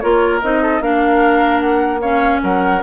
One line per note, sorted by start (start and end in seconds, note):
0.00 0.43 A#3
0.00 0.41 F4
0.00 0.62 A#4
0.00 0.40 C#5
0.42 0.80 C4
0.42 0.81 D#4
0.42 0.82 D#5
0.62 0.82 A4
0.80 2.40 A#3
0.80 2.01 D4
0.80 2.01 A#4
0.80 1.60 F5
1.60 2.00 F#5
2.00 2.82 C#4
2.00 2.41 C#5
2.00 2.40 F5
2.43 2.83 F#3
2.43 2.83 A#4
2.43 2.83 F#5